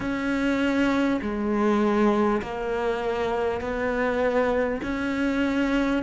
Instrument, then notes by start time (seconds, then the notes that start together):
cello
0.00 C#4
1.21 G#3
2.42 A#3
3.61 B3
4.82 C#4